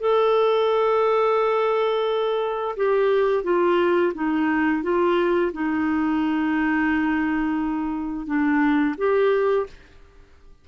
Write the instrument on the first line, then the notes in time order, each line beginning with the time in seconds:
clarinet
0.00 A4
2.76 G4
3.44 F4
4.14 D#4
4.83 F4
5.53 D#4
8.27 D4
8.98 G4